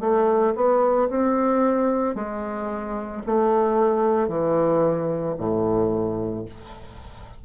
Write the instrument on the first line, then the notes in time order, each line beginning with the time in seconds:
bassoon
0.00 A3
0.55 B3
1.10 C4
2.15 G#3
3.26 A3
4.28 E3
5.38 A2